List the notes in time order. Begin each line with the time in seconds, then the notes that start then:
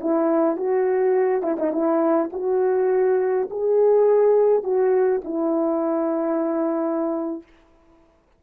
0.00 E4
0.56 F#4
1.42 E4
1.59 D#4
1.72 E4
2.32 F#4
3.50 G#4
4.63 F#4
5.24 E4